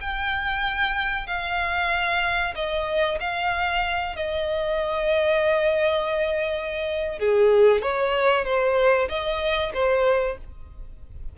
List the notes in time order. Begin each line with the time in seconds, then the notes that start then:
0.00 G5
1.26 F5
2.55 D#5
3.20 F5
4.16 D#5
7.19 G#4
7.82 C#5
8.44 C5
9.08 D#5
9.73 C5